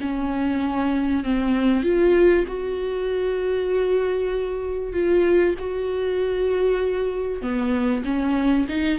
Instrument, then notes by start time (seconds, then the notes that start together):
viola
0.00 C#4
1.23 C4
1.83 F4
2.47 F#4
4.93 F4
5.58 F#4
7.41 B3
8.04 C#4
8.68 D#4